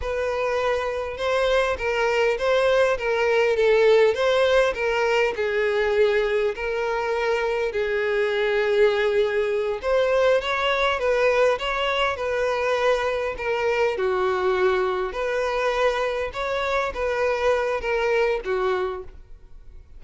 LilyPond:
\new Staff \with { instrumentName = "violin" } { \time 4/4 \tempo 4 = 101 b'2 c''4 ais'4 | c''4 ais'4 a'4 c''4 | ais'4 gis'2 ais'4~ | ais'4 gis'2.~ |
gis'8 c''4 cis''4 b'4 cis''8~ | cis''8 b'2 ais'4 fis'8~ | fis'4. b'2 cis''8~ | cis''8 b'4. ais'4 fis'4 | }